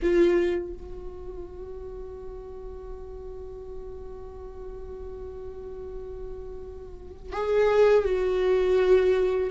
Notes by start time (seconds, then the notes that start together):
0.02 F4
0.73 F#4
7.32 G#4
8.04 F#4